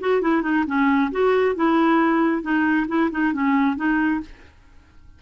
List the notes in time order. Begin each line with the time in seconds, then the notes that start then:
0.00 F#4
0.21 E4
0.42 D#4
0.66 C#4
1.12 F#4
1.55 E4
2.42 D#4
2.88 E4
3.11 D#4
3.33 C#4
3.76 D#4